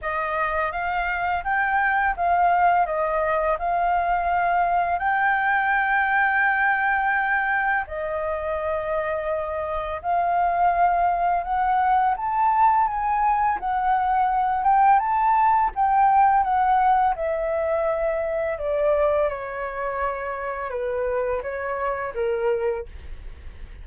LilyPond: \new Staff \with { instrumentName = "flute" } { \time 4/4 \tempo 4 = 84 dis''4 f''4 g''4 f''4 | dis''4 f''2 g''4~ | g''2. dis''4~ | dis''2 f''2 |
fis''4 a''4 gis''4 fis''4~ | fis''8 g''8 a''4 g''4 fis''4 | e''2 d''4 cis''4~ | cis''4 b'4 cis''4 ais'4 | }